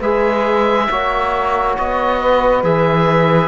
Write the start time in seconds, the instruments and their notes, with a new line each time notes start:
0.00 cello G#3, trombone G#4, saxophone B4, oboe E5
0.91 cello A#3, trombone F#4, saxophone C#5
1.79 cello B3, oboe D#5
2.20 saxophone B4
2.64 cello E3, trombone G#4, oboe E5